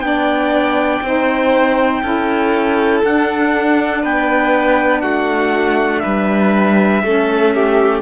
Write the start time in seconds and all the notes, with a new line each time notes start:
0.00 B3 D4 G5
0.06 D5
1.01 C4 D#4 C5
2.02 C#4 E4 A4
3.03 D4 F#5
4.02 B3 B4 G5
5.01 A3 F#4 F#5
5.99 G3 B4 E5
7.02 A3 C#4 A4
7.54 G4